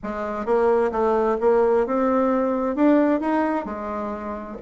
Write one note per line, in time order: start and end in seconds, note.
0.03 0.45 G#3
0.45 0.91 A#3
0.91 1.37 A3
1.40 1.86 A#3
1.86 2.75 C4
2.75 3.20 D4
3.20 3.65 D#4
3.65 4.57 G#3